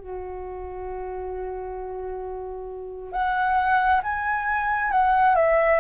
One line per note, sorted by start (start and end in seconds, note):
0.00 3.13 F#4
3.13 4.02 F#5
4.03 4.92 G#5
4.92 5.36 F#5
5.36 5.80 E5